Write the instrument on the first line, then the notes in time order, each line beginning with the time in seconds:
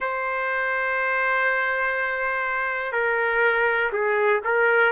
trumpet
0.00 C5
2.92 A#4
3.92 G#4
4.44 A#4